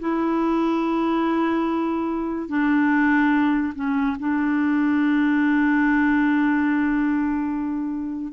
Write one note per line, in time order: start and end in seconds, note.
0.00 2.48 E4
2.48 3.73 D4
3.75 4.17 C#4
4.19 8.33 D4